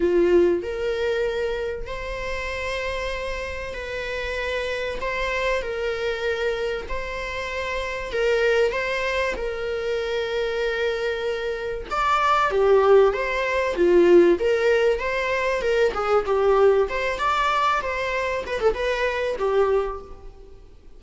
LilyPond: \new Staff \with { instrumentName = "viola" } { \time 4/4 \tempo 4 = 96 f'4 ais'2 c''4~ | c''2 b'2 | c''4 ais'2 c''4~ | c''4 ais'4 c''4 ais'4~ |
ais'2. d''4 | g'4 c''4 f'4 ais'4 | c''4 ais'8 gis'8 g'4 c''8 d''8~ | d''8 c''4 b'16 a'16 b'4 g'4 | }